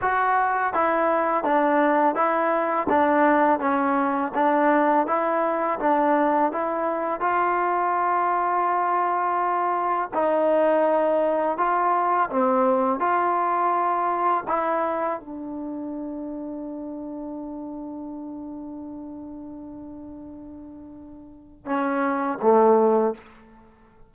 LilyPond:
\new Staff \with { instrumentName = "trombone" } { \time 4/4 \tempo 4 = 83 fis'4 e'4 d'4 e'4 | d'4 cis'4 d'4 e'4 | d'4 e'4 f'2~ | f'2 dis'2 |
f'4 c'4 f'2 | e'4 d'2.~ | d'1~ | d'2 cis'4 a4 | }